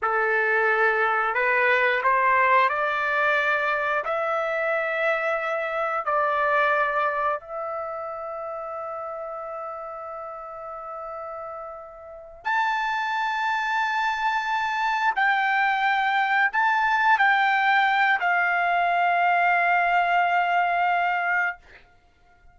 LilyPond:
\new Staff \with { instrumentName = "trumpet" } { \time 4/4 \tempo 4 = 89 a'2 b'4 c''4 | d''2 e''2~ | e''4 d''2 e''4~ | e''1~ |
e''2~ e''8 a''4.~ | a''2~ a''8 g''4.~ | g''8 a''4 g''4. f''4~ | f''1 | }